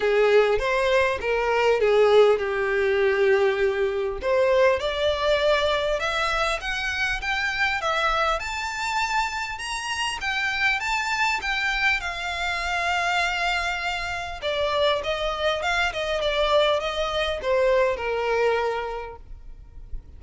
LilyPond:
\new Staff \with { instrumentName = "violin" } { \time 4/4 \tempo 4 = 100 gis'4 c''4 ais'4 gis'4 | g'2. c''4 | d''2 e''4 fis''4 | g''4 e''4 a''2 |
ais''4 g''4 a''4 g''4 | f''1 | d''4 dis''4 f''8 dis''8 d''4 | dis''4 c''4 ais'2 | }